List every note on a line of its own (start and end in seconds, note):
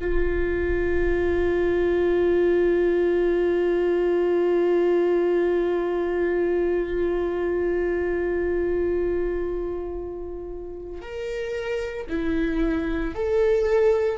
0.00 11.01 F4
11.01 12.07 A#4
12.09 13.14 E4
13.15 14.18 A4